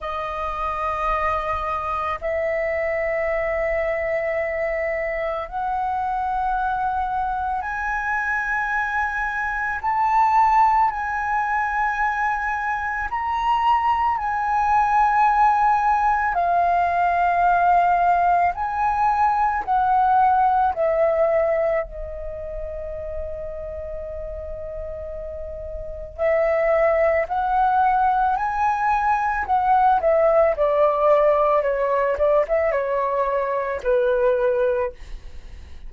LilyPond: \new Staff \with { instrumentName = "flute" } { \time 4/4 \tempo 4 = 55 dis''2 e''2~ | e''4 fis''2 gis''4~ | gis''4 a''4 gis''2 | ais''4 gis''2 f''4~ |
f''4 gis''4 fis''4 e''4 | dis''1 | e''4 fis''4 gis''4 fis''8 e''8 | d''4 cis''8 d''16 e''16 cis''4 b'4 | }